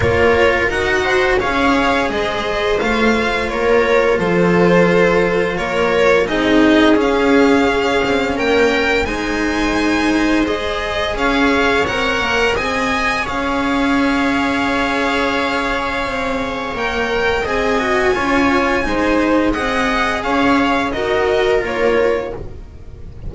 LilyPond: <<
  \new Staff \with { instrumentName = "violin" } { \time 4/4 \tempo 4 = 86 cis''4 fis''4 f''4 dis''4 | f''4 cis''4 c''2 | cis''4 dis''4 f''2 | g''4 gis''2 dis''4 |
f''4 fis''4 gis''4 f''4~ | f''1 | g''4 gis''2. | fis''4 f''4 dis''4 cis''4 | }
  \new Staff \with { instrumentName = "viola" } { \time 4/4 ais'4. c''8 cis''4 c''4~ | c''4 ais'4 a'2 | ais'4 gis'2. | ais'4 c''2. |
cis''2 dis''4 cis''4~ | cis''1~ | cis''4 dis''4 cis''4 c''4 | dis''4 cis''4 ais'2 | }
  \new Staff \with { instrumentName = "cello" } { \time 4/4 f'4 fis'4 gis'2 | f'1~ | f'4 dis'4 cis'2~ | cis'4 dis'2 gis'4~ |
gis'4 ais'4 gis'2~ | gis'1 | ais'4 gis'8 fis'8 f'4 dis'4 | gis'2 fis'4 f'4 | }
  \new Staff \with { instrumentName = "double bass" } { \time 4/4 ais4 dis'4 cis'4 gis4 | a4 ais4 f2 | ais4 c'4 cis'4. c'8 | ais4 gis2. |
cis'4 c'8 ais8 c'4 cis'4~ | cis'2. c'4 | ais4 c'4 cis'4 gis4 | c'4 cis'4 dis'4 ais4 | }
>>